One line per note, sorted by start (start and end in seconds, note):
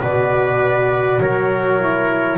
0.00 1.20 B2
0.00 1.79 F#4
0.00 1.21 B4
0.00 1.21 D5
1.20 2.38 F#3
1.20 2.38 A#4
1.20 2.38 C#5
1.79 2.38 E4